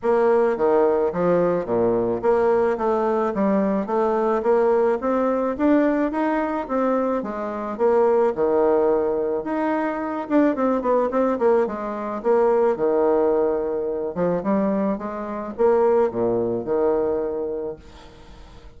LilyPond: \new Staff \with { instrumentName = "bassoon" } { \time 4/4 \tempo 4 = 108 ais4 dis4 f4 ais,4 | ais4 a4 g4 a4 | ais4 c'4 d'4 dis'4 | c'4 gis4 ais4 dis4~ |
dis4 dis'4. d'8 c'8 b8 | c'8 ais8 gis4 ais4 dis4~ | dis4. f8 g4 gis4 | ais4 ais,4 dis2 | }